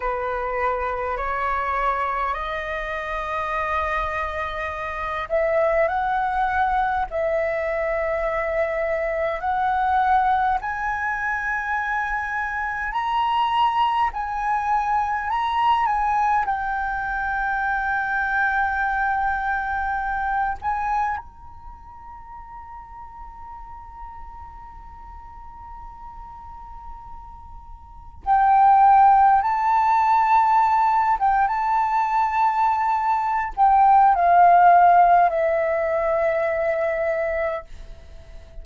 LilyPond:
\new Staff \with { instrumentName = "flute" } { \time 4/4 \tempo 4 = 51 b'4 cis''4 dis''2~ | dis''8 e''8 fis''4 e''2 | fis''4 gis''2 ais''4 | gis''4 ais''8 gis''8 g''2~ |
g''4. gis''8 ais''2~ | ais''1 | g''4 a''4. g''16 a''4~ a''16~ | a''8 g''8 f''4 e''2 | }